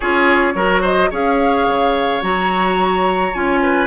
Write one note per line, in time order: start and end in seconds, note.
0.00 0.54 C#4
0.00 0.55 F4
0.00 0.53 G#4
0.00 0.83 C#5
0.54 1.10 F#3
0.54 1.11 F#4
0.54 0.81 A#4
0.81 1.09 C5
0.81 1.11 D#5
1.10 1.67 C#4
1.10 2.21 G#4
1.10 3.60 C#5
1.10 2.23 F5
1.67 2.22 C#3
2.21 3.33 F#3
2.21 3.32 F#4
2.21 3.34 A#5
3.33 3.87 C#4
3.33 3.87 F4
3.33 3.87 G#5
3.62 3.87 B4